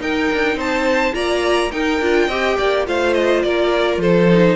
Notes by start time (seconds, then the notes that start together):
0.00 D#4 A#4 G5
0.34 D4
0.55 C4 C5 A5
1.13 A#3 F4 D5 A#5
1.71 D#4 A#4 G5
2.00 D4 F4
2.27 C4 G4 D#5
2.58 A#3 D5
2.85 A3 F4 C5 F5
3.13 D#5
3.42 A#3 A#4 D5
3.97 F3 A4 C5
4.31 D#4